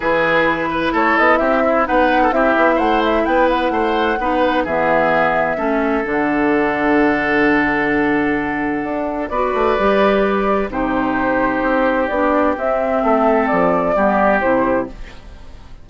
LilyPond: <<
  \new Staff \with { instrumentName = "flute" } { \time 4/4 \tempo 4 = 129 b'2 cis''8 dis''8 e''4 | fis''4 e''4 fis''8 e''8 g''8 fis''8~ | fis''2 e''2~ | e''4 fis''2.~ |
fis''1 | d''2. c''4~ | c''2 d''4 e''4~ | e''4 d''2 c''4 | }
  \new Staff \with { instrumentName = "oboe" } { \time 4/4 gis'4. b'8 a'4 g'8 e'8 | b'8. a'16 g'4 c''4 b'4 | c''4 b'4 gis'2 | a'1~ |
a'1 | b'2. g'4~ | g'1 | a'2 g'2 | }
  \new Staff \with { instrumentName = "clarinet" } { \time 4/4 e'1 | dis'4 e'2.~ | e'4 dis'4 b2 | cis'4 d'2.~ |
d'1 | fis'4 g'2 dis'4~ | dis'2 d'4 c'4~ | c'2 b4 e'4 | }
  \new Staff \with { instrumentName = "bassoon" } { \time 4/4 e2 a8 b8 c'4 | b4 c'8 b8 a4 b4 | a4 b4 e2 | a4 d2.~ |
d2. d'4 | b8 a8 g2 c4~ | c4 c'4 b4 c'4 | a4 f4 g4 c4 | }
>>